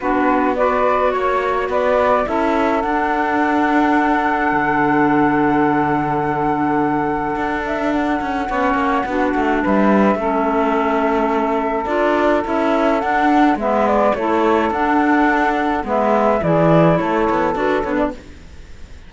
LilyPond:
<<
  \new Staff \with { instrumentName = "flute" } { \time 4/4 \tempo 4 = 106 b'4 d''4 cis''4 d''4 | e''4 fis''2.~ | fis''1~ | fis''4. e''8 fis''2~ |
fis''4 e''2.~ | e''4 d''4 e''4 fis''4 | e''8 d''8 cis''4 fis''2 | e''4 d''4 cis''4 b'8 cis''16 d''16 | }
  \new Staff \with { instrumentName = "saxophone" } { \time 4/4 fis'4 b'4 cis''4 b'4 | a'1~ | a'1~ | a'2. cis''4 |
fis'4 b'4 a'2~ | a'1 | b'4 a'2. | b'4 gis'4 a'2 | }
  \new Staff \with { instrumentName = "clarinet" } { \time 4/4 d'4 fis'2. | e'4 d'2.~ | d'1~ | d'2. cis'4 |
d'2 cis'2~ | cis'4 f'4 e'4 d'4 | b4 e'4 d'2 | b4 e'2 fis'8 d'8 | }
  \new Staff \with { instrumentName = "cello" } { \time 4/4 b2 ais4 b4 | cis'4 d'2. | d1~ | d4 d'4. cis'8 b8 ais8 |
b8 a8 g4 a2~ | a4 d'4 cis'4 d'4 | gis4 a4 d'2 | gis4 e4 a8 b8 d'8 b8 | }
>>